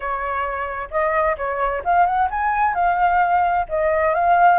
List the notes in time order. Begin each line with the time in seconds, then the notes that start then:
0.00 C#5
0.90 D#5
1.37 C#5
1.84 F5
2.05 F#5
2.30 G#5
2.74 F5
3.68 D#5
4.14 F5